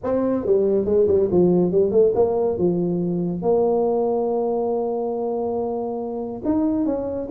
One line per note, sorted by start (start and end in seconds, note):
0.03 0.45 C4
0.45 0.85 G3
0.85 1.06 G#3
1.07 1.29 G3
1.31 1.71 F3
1.71 1.91 G3
1.91 2.12 A3
2.14 2.57 A#3
2.58 3.41 F3
3.41 6.41 A#3
6.45 6.85 D#4
6.85 7.28 C#4